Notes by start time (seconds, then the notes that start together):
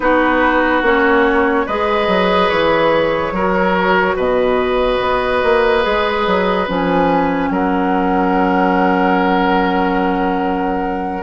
0.00 B3 D#4 F#4 B4
0.81 A#3 C#4 C#5
1.66 G#3 G#4 B4 D#5
2.07 F#3
2.49 E3 C#5
3.31 F#3 F#4 A#4
4.15 B2 B4 D#5
5.00 B3
5.43 A#3
5.82 G#3 G#4
6.26 F#3
6.67 F3 C#4 G#5
7.50 F#3 A#4 F#5